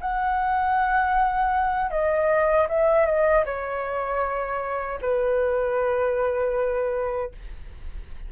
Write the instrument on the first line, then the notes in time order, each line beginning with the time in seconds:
flute
0.00 F#5
1.90 D#5
2.69 E5
3.06 D#5
3.45 C#5
5.01 B4